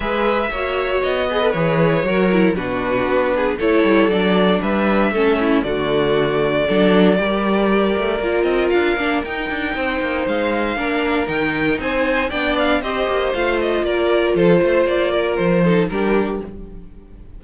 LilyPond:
<<
  \new Staff \with { instrumentName = "violin" } { \time 4/4 \tempo 4 = 117 e''2 dis''4 cis''4~ | cis''4 b'2 cis''4 | d''4 e''2 d''4~ | d''1~ |
d''8 dis''8 f''4 g''2 | f''2 g''4 gis''4 | g''8 f''8 dis''4 f''8 dis''8 d''4 | c''4 d''4 c''4 ais'4 | }
  \new Staff \with { instrumentName = "violin" } { \time 4/4 b'4 cis''4. b'4. | ais'4 fis'4. gis'8 a'4~ | a'4 b'4 a'8 e'8 fis'4~ | fis'4 a'4 ais'2~ |
ais'2. c''4~ | c''4 ais'2 c''4 | d''4 c''2 ais'4 | a'8 c''4 ais'4 a'8 g'4 | }
  \new Staff \with { instrumentName = "viola" } { \time 4/4 gis'4 fis'4. gis'16 a'16 gis'4 | fis'8 e'8 d'2 e'4 | d'2 cis'4 a4~ | a4 d'4 g'2 |
f'4. d'8 dis'2~ | dis'4 d'4 dis'2 | d'4 g'4 f'2~ | f'2~ f'8 dis'8 d'4 | }
  \new Staff \with { instrumentName = "cello" } { \time 4/4 gis4 ais4 b4 e4 | fis4 b,4 b4 a8 g8 | fis4 g4 a4 d4~ | d4 fis4 g4. a8 |
ais8 c'8 d'8 ais8 dis'8 d'8 c'8 ais8 | gis4 ais4 dis4 c'4 | b4 c'8 ais8 a4 ais4 | f8 a8 ais4 f4 g4 | }
>>